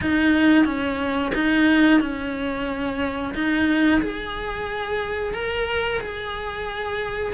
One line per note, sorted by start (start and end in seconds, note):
0.01 0.65 D#4
0.65 1.32 C#4
1.34 2.00 D#4
2.00 3.33 C#4
3.34 4.01 D#4
4.01 5.34 G#4
5.34 6.00 A#4
6.00 7.33 G#4